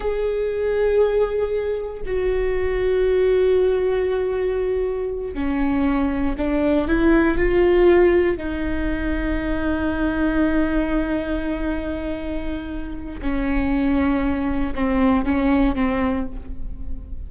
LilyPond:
\new Staff \with { instrumentName = "viola" } { \time 4/4 \tempo 4 = 118 gis'1 | fis'1~ | fis'2~ fis'8 cis'4.~ | cis'8 d'4 e'4 f'4.~ |
f'8 dis'2.~ dis'8~ | dis'1~ | dis'2 cis'2~ | cis'4 c'4 cis'4 c'4 | }